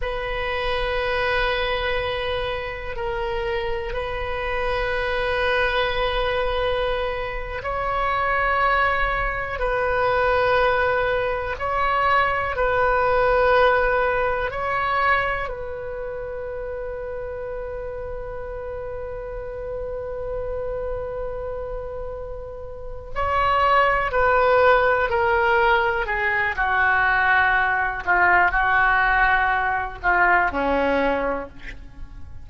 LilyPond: \new Staff \with { instrumentName = "oboe" } { \time 4/4 \tempo 4 = 61 b'2. ais'4 | b'2.~ b'8. cis''16~ | cis''4.~ cis''16 b'2 cis''16~ | cis''8. b'2 cis''4 b'16~ |
b'1~ | b'2.~ b'8 cis''8~ | cis''8 b'4 ais'4 gis'8 fis'4~ | fis'8 f'8 fis'4. f'8 cis'4 | }